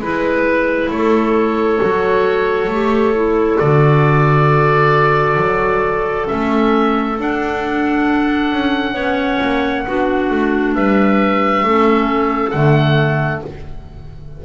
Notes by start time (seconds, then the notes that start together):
0.00 G#3 E4 B4
0.90 A3 A4 C#5
1.81 F#3 F#4
2.68 A3 G4
3.15 E4
3.59 D3 F#4 D5
5.37 F#3
6.26 A3 C#4 E5
7.19 D4 F#5
8.53 C#4
8.94 B3 C#4 C#5
9.41 A#3
9.87 B3 D4 F#4
10.30 A3
10.75 G3 B4 E5
11.63 A3 C#4 A4
12.51 D3 A3 F#5